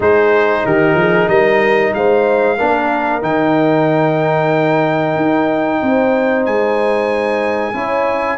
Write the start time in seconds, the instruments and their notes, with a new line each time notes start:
0.00 tuba G#3, trombone D#4, horn G#4, trumpet C5
0.65 tuba D#3, horn G4, trumpet A#4
0.94 tuba F3, horn G#4
1.28 tuba G3, horn A#4, trumpet D#5
1.94 tuba G#3, horn C5, trumpet F5
2.57 tuba A#3, trombone D4, horn A#4
3.21 tuba D#3, trombone D#4, trumpet G5
5.16 tuba D#4
5.82 tuba C4, horn C5
6.45 tuba G#3, trumpet G#5
7.74 tuba C#4, trombone E4, horn C#5